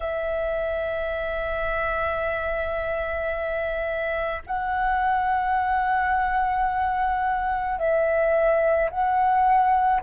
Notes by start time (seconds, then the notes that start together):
0.00 E5
4.46 F#5
7.78 E5
8.90 F#5